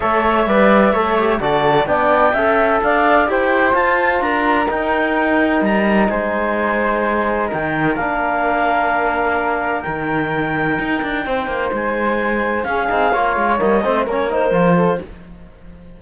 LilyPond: <<
  \new Staff \with { instrumentName = "clarinet" } { \time 4/4 \tempo 4 = 128 e''2. d''4 | g''2 f''4 g''4 | a''4 ais''4 g''2 | ais''4 gis''2. |
g''4 f''2.~ | f''4 g''2.~ | g''4 gis''2 f''4~ | f''4 dis''4 cis''8 c''4. | }
  \new Staff \with { instrumentName = "flute" } { \time 4/4 cis''4 d''4 cis''4 a'4 | d''4 e''4 d''4 c''4~ | c''4 ais'2.~ | ais'4 c''2. |
ais'1~ | ais'1 | c''2. gis'4 | cis''4. c''8 ais'4. a'8 | }
  \new Staff \with { instrumentName = "trombone" } { \time 4/4 a'4 b'4 a'8 g'8 fis'4 | d'4 a'2 g'4 | f'2 dis'2~ | dis'1~ |
dis'4 d'2.~ | d'4 dis'2.~ | dis'2. cis'8 dis'8 | f'4 ais8 c'8 cis'8 dis'8 f'4 | }
  \new Staff \with { instrumentName = "cello" } { \time 4/4 a4 g4 a4 d4 | b4 cis'4 d'4 e'4 | f'4 d'4 dis'2 | g4 gis2. |
dis4 ais2.~ | ais4 dis2 dis'8 d'8 | c'8 ais8 gis2 cis'8 c'8 | ais8 gis8 g8 a8 ais4 f4 | }
>>